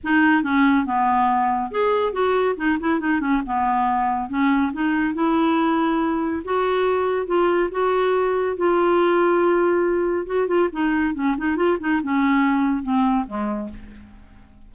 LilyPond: \new Staff \with { instrumentName = "clarinet" } { \time 4/4 \tempo 4 = 140 dis'4 cis'4 b2 | gis'4 fis'4 dis'8 e'8 dis'8 cis'8 | b2 cis'4 dis'4 | e'2. fis'4~ |
fis'4 f'4 fis'2 | f'1 | fis'8 f'8 dis'4 cis'8 dis'8 f'8 dis'8 | cis'2 c'4 gis4 | }